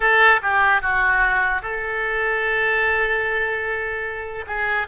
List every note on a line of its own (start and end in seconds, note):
0.00 0.40 A4
0.42 0.81 G4
0.81 1.61 F#4
1.61 4.45 A4
4.46 4.87 G#4